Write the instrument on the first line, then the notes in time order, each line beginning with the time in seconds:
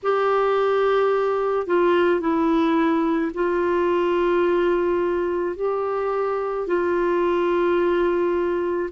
clarinet
0.03 G4
1.66 F4
2.20 E4
3.33 F4
5.56 G4
6.67 F4